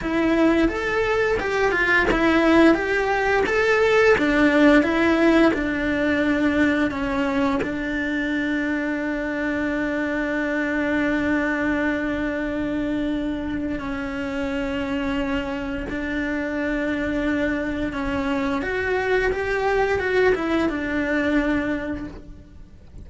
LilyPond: \new Staff \with { instrumentName = "cello" } { \time 4/4 \tempo 4 = 87 e'4 a'4 g'8 f'8 e'4 | g'4 a'4 d'4 e'4 | d'2 cis'4 d'4~ | d'1~ |
d'1 | cis'2. d'4~ | d'2 cis'4 fis'4 | g'4 fis'8 e'8 d'2 | }